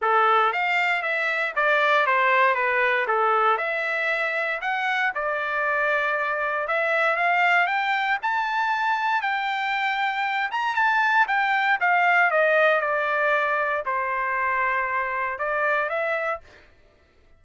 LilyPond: \new Staff \with { instrumentName = "trumpet" } { \time 4/4 \tempo 4 = 117 a'4 f''4 e''4 d''4 | c''4 b'4 a'4 e''4~ | e''4 fis''4 d''2~ | d''4 e''4 f''4 g''4 |
a''2 g''2~ | g''8 ais''8 a''4 g''4 f''4 | dis''4 d''2 c''4~ | c''2 d''4 e''4 | }